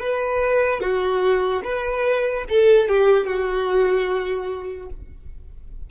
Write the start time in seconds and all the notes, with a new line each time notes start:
0.00 B4
0.80 F#4
1.64 B4
2.49 A4
2.88 G4
3.26 F#4